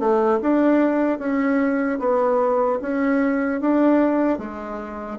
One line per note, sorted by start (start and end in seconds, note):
0.00 0.40 A3
0.42 1.19 D4
1.19 1.99 C#4
2.00 2.80 B3
2.82 3.61 C#4
3.61 4.39 D4
4.39 5.19 G#3